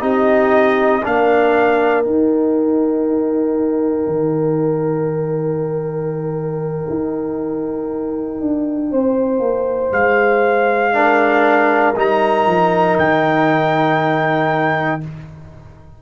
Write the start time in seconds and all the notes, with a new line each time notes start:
0.00 C4 D#4 G4 D#5
1.03 A#3 D4 A#4 F5
2.03 D#4 G5
4.06 D#3
6.89 D#4
8.41 D4
8.90 C4 C5
9.39 A#3
9.92 G#3 F5
10.93 D4 A#4
11.96 G3 D#4 A#5
12.46 F3
12.98 D#3 G5